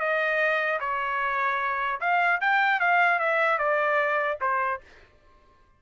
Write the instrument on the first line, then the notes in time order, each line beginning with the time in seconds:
trumpet
0.00 D#5
0.80 C#5
2.01 F5
2.41 G5
2.80 F5
3.19 E5
3.59 D5
4.41 C5